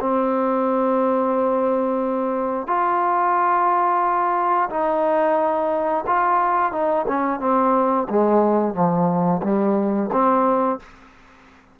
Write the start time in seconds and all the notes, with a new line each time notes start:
0.00 C4
2.67 F4
4.70 D#4
6.06 F4
6.72 D#4
7.08 C#4
7.40 C4
8.09 G#3
8.74 F3
9.43 G3
10.12 C4